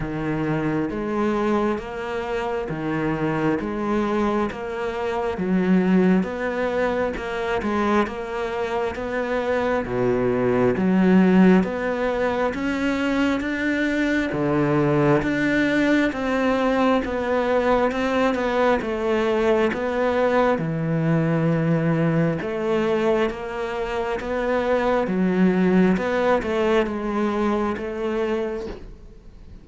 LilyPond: \new Staff \with { instrumentName = "cello" } { \time 4/4 \tempo 4 = 67 dis4 gis4 ais4 dis4 | gis4 ais4 fis4 b4 | ais8 gis8 ais4 b4 b,4 | fis4 b4 cis'4 d'4 |
d4 d'4 c'4 b4 | c'8 b8 a4 b4 e4~ | e4 a4 ais4 b4 | fis4 b8 a8 gis4 a4 | }